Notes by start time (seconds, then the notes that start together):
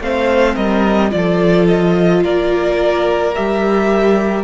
0.00 A3 C4 C5 F5
0.55 G3 A#4 D#5
1.10 F3 F4 D5
1.16 A4
1.68 D#5
2.23 A#3 A#4 D5
3.35 G3 G4 E5